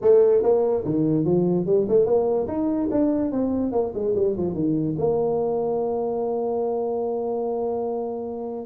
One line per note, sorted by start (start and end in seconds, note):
0.01 0.43 A3
0.43 0.84 A#3
0.85 1.24 D#3
1.24 1.66 F3
1.66 1.86 G3
1.88 2.06 A3
2.06 2.47 A#3
2.47 2.89 D#4
2.91 3.31 D4
3.31 3.71 C4
3.71 3.92 A#3
3.94 4.15 G#3
4.15 4.35 G3
4.37 4.54 F3
4.54 4.95 D#3
4.98 8.66 A#3